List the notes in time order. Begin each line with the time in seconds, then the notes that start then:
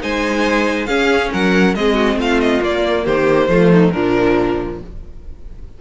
0.00 G#3 D#4 C5 G#5
0.86 C#4 G#4 F5
1.32 F#3 A#4 F#5
1.75 G#3 C4 G#4 D#5
1.93 F#4
2.16 A3 F4 F5
2.40 D#5
2.62 A#3 D5
3.05 D#3 G4 C5
3.48 F3 A3 F4
3.72 D#4
3.91 A#2 F3 D4 A#4